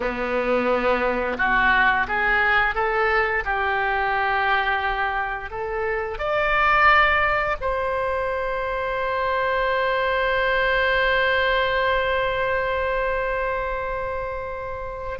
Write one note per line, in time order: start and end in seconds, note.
0.00 1.37 B3
1.37 2.06 F#4
2.07 2.74 G#4
2.74 3.43 A4
3.44 5.50 G4
5.50 6.18 A4
6.18 7.56 D5
7.60 15.19 C5